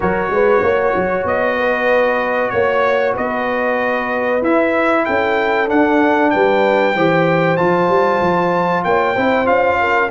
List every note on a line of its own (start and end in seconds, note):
0.00 0.30 F#3
0.00 4.41 F#4
0.00 0.32 A#4
0.00 1.26 C#5
0.30 0.61 G#3
0.30 0.61 B4
0.61 0.94 A#3
0.61 1.56 C#5
0.95 1.24 F#3
1.24 2.50 B3
1.24 2.50 D#5
1.58 2.52 B4
2.50 3.16 A#3
2.50 3.13 C#5
3.13 4.41 B3
3.13 5.02 B4
3.13 4.43 D#5
4.41 5.05 E4
4.41 5.67 E4
4.41 5.05 E5
5.05 5.71 C#4
5.05 6.32 A4
5.05 5.68 G5
5.67 6.93 D4
5.67 6.34 D4
5.67 6.30 F#5
6.30 6.95 G3
6.30 6.95 B4
6.30 7.56 G5
6.95 7.58 E3
6.95 7.57 G4
6.95 8.85 C5
7.56 7.89 F3
7.56 9.15 F4
7.56 8.83 A5
7.89 8.20 G3
8.21 8.84 F3
8.84 9.16 A#3
8.84 9.15 C#5
8.84 9.47 G5
9.15 9.47 C4
9.15 9.45 E4
9.15 9.78 C5
9.45 10.11 C#4
9.45 10.08 F4
9.45 10.10 F5
9.80 10.11 A#4